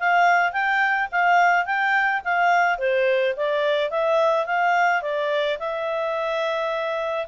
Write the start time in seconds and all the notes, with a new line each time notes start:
0.00 F5
0.53 G5
1.12 F5
1.66 G5
2.25 F5
2.79 C5
3.37 D5
3.91 E5
4.47 F5
5.02 D5
5.60 E5